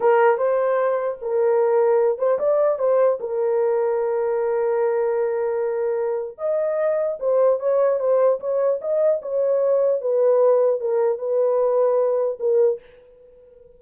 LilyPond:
\new Staff \with { instrumentName = "horn" } { \time 4/4 \tempo 4 = 150 ais'4 c''2 ais'4~ | ais'4. c''8 d''4 c''4 | ais'1~ | ais'1 |
dis''2 c''4 cis''4 | c''4 cis''4 dis''4 cis''4~ | cis''4 b'2 ais'4 | b'2. ais'4 | }